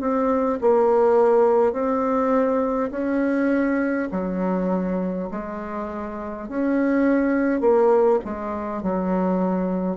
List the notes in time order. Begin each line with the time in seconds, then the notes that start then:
0.00 C4
0.61 A#3
1.72 C4
2.91 C#4
4.11 F#3
5.31 G#3
6.49 C#4
7.60 A#3
8.24 G#3
8.82 F#3